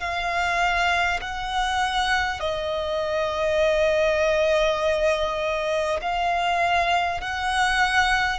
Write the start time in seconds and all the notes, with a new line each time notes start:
0.00 F5
1.22 F#5
2.40 D#5
6.02 F5
7.21 F#5